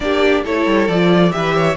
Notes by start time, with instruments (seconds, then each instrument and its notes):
0.00 cello A#3, viola D4, violin G4 D5
0.43 cello A3, viola E4, violin A4 C#5
0.66 cello G3
0.87 cello F3, viola F4, violin D5
1.31 cello E3, viola G4, violin B4 E5
1.55 violin C#5